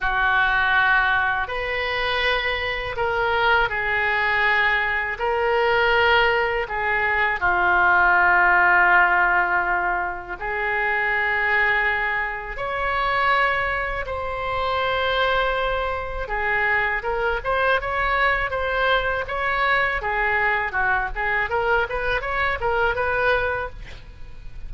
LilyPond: \new Staff \with { instrumentName = "oboe" } { \time 4/4 \tempo 4 = 81 fis'2 b'2 | ais'4 gis'2 ais'4~ | ais'4 gis'4 f'2~ | f'2 gis'2~ |
gis'4 cis''2 c''4~ | c''2 gis'4 ais'8 c''8 | cis''4 c''4 cis''4 gis'4 | fis'8 gis'8 ais'8 b'8 cis''8 ais'8 b'4 | }